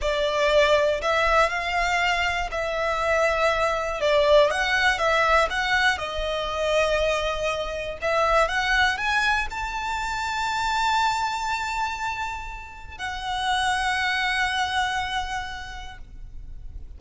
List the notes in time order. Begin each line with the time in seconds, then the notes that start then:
0.01 D5
1.01 E5
1.49 F5
2.51 E5
4.00 D5
4.50 F#5
4.98 E5
5.50 F#5
5.97 D#5
8.01 E5
8.47 F#5
8.97 G#5
9.50 A5
12.98 F#5